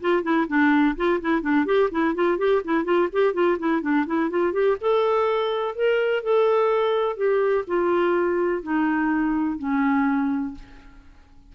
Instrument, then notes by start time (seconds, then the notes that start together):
clarinet
0.00 F4
0.22 E4
0.47 D4
0.96 F4
1.21 E4
1.41 D4
1.65 G4
1.91 E4
2.14 F4
2.38 G4
2.64 E4
2.84 F4
3.12 G4
3.33 F4
3.58 E4
3.82 D4
4.06 E4
4.30 F4
4.53 G4
4.81 A4
5.75 A#4
6.23 A4
7.17 G4
7.67 F4
8.63 D#4
9.58 C#4